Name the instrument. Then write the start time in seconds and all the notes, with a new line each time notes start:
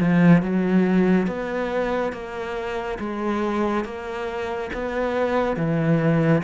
cello
0.00 F3
0.42 F#3
1.27 B3
2.13 A#3
2.99 G#3
3.85 A#3
4.73 B3
5.57 E3